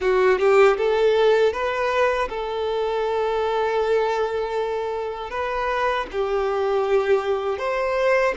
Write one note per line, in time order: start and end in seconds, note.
0.00 0.38 F#4
0.38 0.76 G4
0.77 1.52 A4
1.52 2.28 B4
2.29 5.30 A4
5.30 6.06 B4
6.11 7.58 G4
7.58 8.34 C5